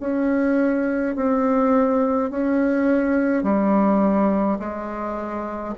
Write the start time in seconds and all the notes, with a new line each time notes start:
0.00 C#4
1.15 C4
2.30 C#4
3.43 G3
4.59 G#3